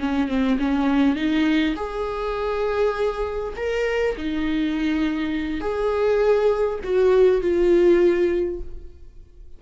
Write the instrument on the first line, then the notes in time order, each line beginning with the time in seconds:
viola
0.00 C#4
0.29 C4
0.60 C#4
1.16 D#4
1.76 G#4
3.57 A#4
4.18 D#4
5.61 G#4
6.84 F#4
7.42 F4